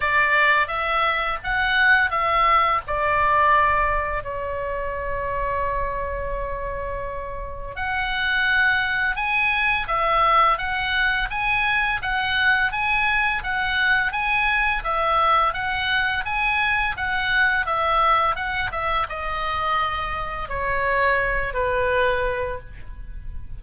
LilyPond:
\new Staff \with { instrumentName = "oboe" } { \time 4/4 \tempo 4 = 85 d''4 e''4 fis''4 e''4 | d''2 cis''2~ | cis''2. fis''4~ | fis''4 gis''4 e''4 fis''4 |
gis''4 fis''4 gis''4 fis''4 | gis''4 e''4 fis''4 gis''4 | fis''4 e''4 fis''8 e''8 dis''4~ | dis''4 cis''4. b'4. | }